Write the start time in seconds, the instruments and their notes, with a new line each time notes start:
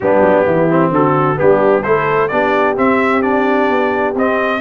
0.00 tuba G3, trombone B3, horn D4, trumpet G4
0.21 tuba F#3
0.45 tuba E3, horn E4
0.69 trombone C4
0.90 tuba D3, horn F#4, trumpet A4
1.36 tuba G3, trombone B3, horn D4, trumpet G4
1.83 tuba A3, trombone E4, horn A4, trumpet C5
2.27 tuba B3, trombone D4, horn G4, trumpet D5
2.76 trombone C4, tuba C4, trumpet E5
3.21 trombone D4, trumpet D5
3.69 tuba B3
4.15 tuba C4, trombone C4, trumpet D#5